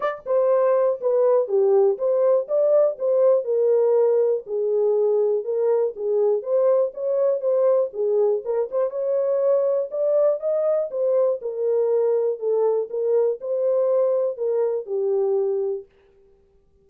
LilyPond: \new Staff \with { instrumentName = "horn" } { \time 4/4 \tempo 4 = 121 d''8 c''4. b'4 g'4 | c''4 d''4 c''4 ais'4~ | ais'4 gis'2 ais'4 | gis'4 c''4 cis''4 c''4 |
gis'4 ais'8 c''8 cis''2 | d''4 dis''4 c''4 ais'4~ | ais'4 a'4 ais'4 c''4~ | c''4 ais'4 g'2 | }